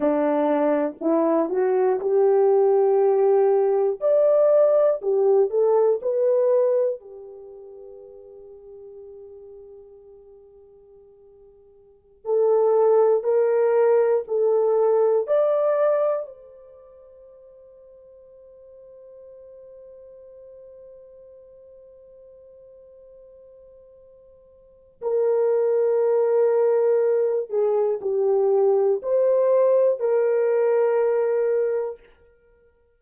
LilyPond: \new Staff \with { instrumentName = "horn" } { \time 4/4 \tempo 4 = 60 d'4 e'8 fis'8 g'2 | d''4 g'8 a'8 b'4 g'4~ | g'1~ | g'16 a'4 ais'4 a'4 d''8.~ |
d''16 c''2.~ c''8.~ | c''1~ | c''4 ais'2~ ais'8 gis'8 | g'4 c''4 ais'2 | }